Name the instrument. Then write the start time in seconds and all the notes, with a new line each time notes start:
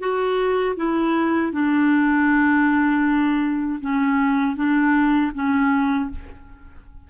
clarinet
0.00 F#4
0.77 E4
1.53 D4
3.81 C#4
4.56 D4
5.35 C#4